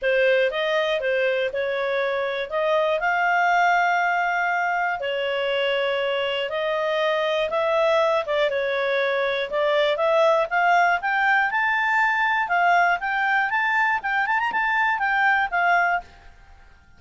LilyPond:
\new Staff \with { instrumentName = "clarinet" } { \time 4/4 \tempo 4 = 120 c''4 dis''4 c''4 cis''4~ | cis''4 dis''4 f''2~ | f''2 cis''2~ | cis''4 dis''2 e''4~ |
e''8 d''8 cis''2 d''4 | e''4 f''4 g''4 a''4~ | a''4 f''4 g''4 a''4 | g''8 a''16 ais''16 a''4 g''4 f''4 | }